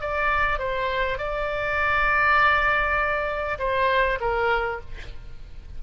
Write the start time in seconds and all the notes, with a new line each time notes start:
0.00 D5
0.58 C5
1.18 D5
3.58 C5
4.20 A#4